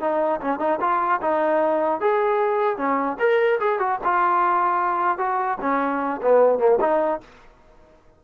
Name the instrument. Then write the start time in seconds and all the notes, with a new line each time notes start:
trombone
0.00 D#4
0.41 C#4
0.59 D#4
0.80 F4
1.21 D#4
2.00 G#4
2.77 C#4
3.19 A#4
3.60 G#4
3.79 F#4
4.03 F4
5.18 F#4
5.61 C#4
6.22 B3
6.59 A#3
6.80 D#4